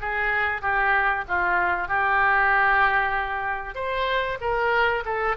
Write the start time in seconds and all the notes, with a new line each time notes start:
0.00 G#4
0.61 G4
1.28 F4
1.87 G4
3.75 C5
4.40 A#4
5.05 A4